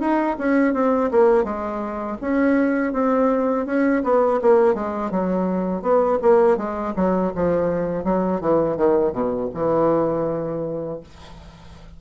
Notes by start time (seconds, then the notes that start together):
0.00 D#4
0.38 C#4
0.74 C4
1.11 A#3
1.44 G#3
2.21 C#4
2.93 C4
3.66 C#4
4.03 B3
4.41 A#3
4.74 G#3
5.11 F#3
5.82 B3
6.22 A#3
6.57 G#3
6.96 F#3
7.35 F3
8.04 F#3
8.41 E3
8.77 D#3
9.13 B2
9.54 E3